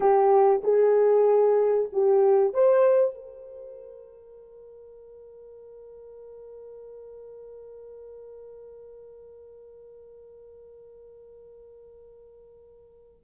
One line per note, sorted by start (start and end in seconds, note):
0.00 0.62 G4
0.63 1.89 G#4
1.92 2.53 G4
2.53 3.14 C5
3.14 13.24 A#4